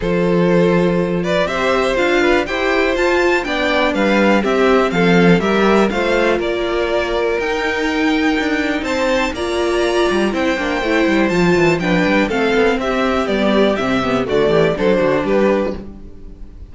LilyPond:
<<
  \new Staff \with { instrumentName = "violin" } { \time 4/4 \tempo 4 = 122 c''2~ c''8 d''8 e''4 | f''4 g''4 a''4 g''4 | f''4 e''4 f''4 e''4 | f''4 d''2 g''4~ |
g''2 a''4 ais''4~ | ais''4 g''2 a''4 | g''4 f''4 e''4 d''4 | e''4 d''4 c''4 b'4 | }
  \new Staff \with { instrumentName = "violin" } { \time 4/4 a'2~ a'8 b'8 c''4~ | c''8 b'8 c''2 d''4 | b'4 g'4 a'4 ais'4 | c''4 ais'2.~ |
ais'2 c''4 d''4~ | d''4 c''2. | b'4 a'4 g'2~ | g'4 fis'8 g'8 a'8 fis'8 g'4 | }
  \new Staff \with { instrumentName = "viola" } { \time 4/4 f'2. g'4 | f'4 g'4 f'4 d'4~ | d'4 c'2 g'4 | f'2. dis'4~ |
dis'2. f'4~ | f'4 e'8 d'8 e'4 f'4 | d'4 c'2 b4 | c'8 b8 a4 d'2 | }
  \new Staff \with { instrumentName = "cello" } { \time 4/4 f2. c'4 | d'4 e'4 f'4 b4 | g4 c'4 f4 g4 | a4 ais2 dis'4~ |
dis'4 d'4 c'4 ais4~ | ais8 g8 c'8 ais8 a8 g8 f8 e8 | f8 g8 a8 b8 c'4 g4 | c4 d8 e8 fis8 d8 g4 | }
>>